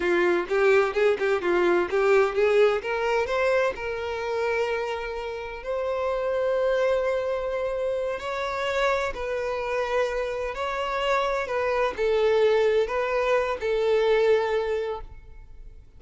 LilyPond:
\new Staff \with { instrumentName = "violin" } { \time 4/4 \tempo 4 = 128 f'4 g'4 gis'8 g'8 f'4 | g'4 gis'4 ais'4 c''4 | ais'1 | c''1~ |
c''4. cis''2 b'8~ | b'2~ b'8 cis''4.~ | cis''8 b'4 a'2 b'8~ | b'4 a'2. | }